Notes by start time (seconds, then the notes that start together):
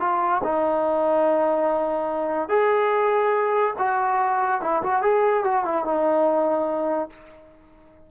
0.00 F4
0.44 D#4
2.49 G#4
3.79 F#4
4.62 E4
4.83 F#4
5.02 G#4
5.44 F#4
5.65 E4
5.85 D#4